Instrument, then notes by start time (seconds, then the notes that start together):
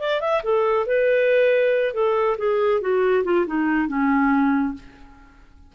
clarinet
0.00 D5
0.21 E5
0.43 A4
0.86 B4
1.94 A4
2.38 G#4
2.81 F#4
3.24 F4
3.47 D#4
3.88 C#4